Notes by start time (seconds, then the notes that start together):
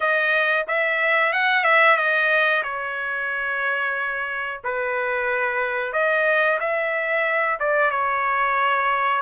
0.00 D#5
0.67 E5
1.32 F#5
1.64 E5
1.96 D#5
2.63 C#5
4.64 B4
5.93 D#5
6.59 E5
7.59 D5
7.90 C#5